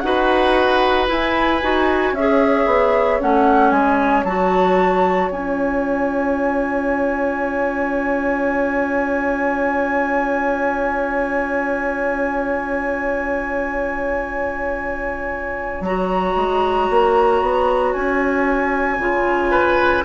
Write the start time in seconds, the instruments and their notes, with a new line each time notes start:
0.00 bassoon D#4, clarinet F#4, oboe B4, flute F#5
1.08 clarinet E4, bassoon E4, flute G#5
1.62 bassoon D#4, clarinet F#4
2.13 bassoon C#4, oboe C#5, flute E5
2.19 clarinet G#4
2.67 bassoon B3
3.21 bassoon A3, clarinet C#4, flute F#5
3.71 bassoon G#3, flute G#5
4.24 bassoon F#3, clarinet F#4, flute A5
5.31 bassoon C#4, clarinet F4, flute G#5
15.81 bassoon F#3, clarinet F#4, flute A#5
16.37 bassoon G#3
16.90 bassoon A#3
17.42 bassoon B3
17.93 bassoon C#4, flute G#5
18.99 bassoon C#3, clarinet F4
19.51 oboe B4